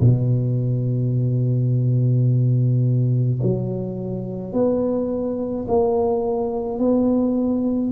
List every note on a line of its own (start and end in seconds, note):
0.00 3.40 B2
3.42 4.53 F#3
4.53 5.66 B3
5.68 6.79 A#3
6.79 7.91 B3